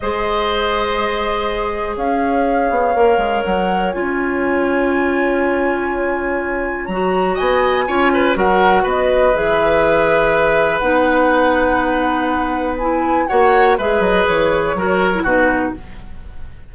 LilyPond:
<<
  \new Staff \with { instrumentName = "flute" } { \time 4/4 \tempo 4 = 122 dis''1 | f''2. fis''4 | gis''1~ | gis''2 ais''4 gis''4~ |
gis''4 fis''4 dis''4 e''4~ | e''2 fis''2~ | fis''2 gis''4 fis''4 | e''8 dis''8 cis''2 b'4 | }
  \new Staff \with { instrumentName = "oboe" } { \time 4/4 c''1 | cis''1~ | cis''1~ | cis''2. dis''4 |
cis''8 b'8 ais'4 b'2~ | b'1~ | b'2. cis''4 | b'2 ais'4 fis'4 | }
  \new Staff \with { instrumentName = "clarinet" } { \time 4/4 gis'1~ | gis'2 ais'2 | f'1~ | f'2 fis'2 |
f'4 fis'2 gis'4~ | gis'2 dis'2~ | dis'2 e'4 fis'4 | gis'2 fis'8. e'16 dis'4 | }
  \new Staff \with { instrumentName = "bassoon" } { \time 4/4 gis1 | cis'4. b8 ais8 gis8 fis4 | cis'1~ | cis'2 fis4 b4 |
cis'4 fis4 b4 e4~ | e2 b2~ | b2. ais4 | gis8 fis8 e4 fis4 b,4 | }
>>